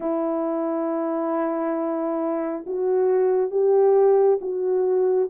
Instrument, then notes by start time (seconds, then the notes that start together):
horn
0.00 E4
2.66 F#4
3.51 G4
4.41 F#4